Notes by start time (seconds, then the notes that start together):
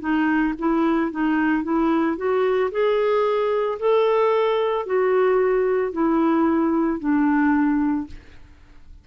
0.00 D#4
0.59 E4
1.11 D#4
1.63 E4
2.17 F#4
2.71 G#4
3.79 A4
4.86 F#4
5.92 E4
7.00 D4